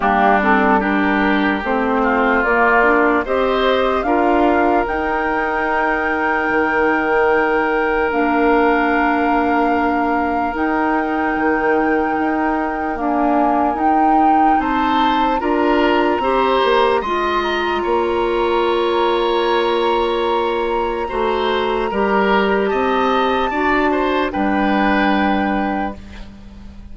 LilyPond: <<
  \new Staff \with { instrumentName = "flute" } { \time 4/4 \tempo 4 = 74 g'8 a'8 ais'4 c''4 d''4 | dis''4 f''4 g''2~ | g''2 f''2~ | f''4 g''2. |
gis''4 g''4 a''4 ais''4~ | ais''4 c'''8 ais''2~ ais''8~ | ais''1 | a''2 g''2 | }
  \new Staff \with { instrumentName = "oboe" } { \time 4/4 d'4 g'4. f'4. | c''4 ais'2.~ | ais'1~ | ais'1~ |
ais'2 c''4 ais'4 | c''4 dis''4 cis''2~ | cis''2 c''4 ais'4 | dis''4 d''8 c''8 b'2 | }
  \new Staff \with { instrumentName = "clarinet" } { \time 4/4 ais8 c'8 d'4 c'4 ais8 d'8 | g'4 f'4 dis'2~ | dis'2 d'2~ | d'4 dis'2. |
ais4 dis'2 f'4 | g'4 f'2.~ | f'2 fis'4 g'4~ | g'4 fis'4 d'2 | }
  \new Staff \with { instrumentName = "bassoon" } { \time 4/4 g2 a4 ais4 | c'4 d'4 dis'2 | dis2 ais2~ | ais4 dis'4 dis4 dis'4 |
d'4 dis'4 c'4 d'4 | c'8 ais8 gis4 ais2~ | ais2 a4 g4 | c'4 d'4 g2 | }
>>